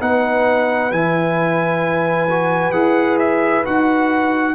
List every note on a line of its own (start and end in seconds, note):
0.00 0.91 B3
0.00 0.91 D#4
0.00 4.55 B4
0.00 0.91 F#5
0.91 2.73 E3
0.91 2.28 E4
0.91 2.71 G#5
2.29 2.72 F#4
2.71 3.64 E4
2.71 3.63 G#4
2.71 3.17 F#5
3.18 3.64 E5
3.64 4.55 D#4
3.64 4.55 F#4
3.64 4.55 F#5